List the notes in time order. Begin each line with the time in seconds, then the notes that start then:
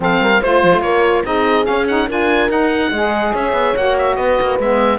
0.00 F3 C4 A4 F5
0.19 G3 A#4
0.40 A3 F4 C5
0.63 F3
0.73 A3
0.81 A#3 A#4 C#5
1.24 C4 D#4 G#4 D#5
1.64 C#4 F5
1.87 D#4 F#5
2.07 D4 F4 A#4 G#5
2.48 D#4 F#5
2.91 G#3 G#4 D#5
3.32 C#4 C#5 E5
3.52 B3
3.76 A#3 F#4 F#5
3.98 E5
4.15 B3 B4 D#5
4.41 A#3
4.59 G#3 B3 E5